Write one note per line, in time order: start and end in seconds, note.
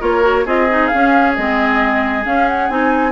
0.00 0.45 A#3
0.00 0.22 F4
0.00 0.44 A#4
0.00 0.46 C#5
0.22 0.44 F#4
0.44 0.90 C4
0.44 0.68 F4
0.44 3.11 G#4
0.44 0.87 D#5
0.70 0.92 D#4
0.87 1.31 F5
0.93 1.38 C#4
0.93 1.37 C#4
1.35 2.25 G#3
1.35 2.23 C4
1.35 2.24 D#5
2.23 2.68 C#4
2.23 2.69 C#4
2.23 2.48 F5
2.48 2.69 F#5
2.69 3.11 C4
2.69 3.11 D#4
2.69 3.11 G#5